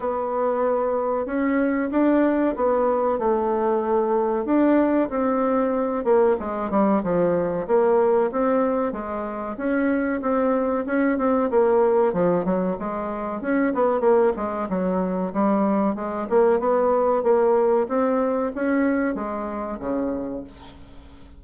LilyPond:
\new Staff \with { instrumentName = "bassoon" } { \time 4/4 \tempo 4 = 94 b2 cis'4 d'4 | b4 a2 d'4 | c'4. ais8 gis8 g8 f4 | ais4 c'4 gis4 cis'4 |
c'4 cis'8 c'8 ais4 f8 fis8 | gis4 cis'8 b8 ais8 gis8 fis4 | g4 gis8 ais8 b4 ais4 | c'4 cis'4 gis4 cis4 | }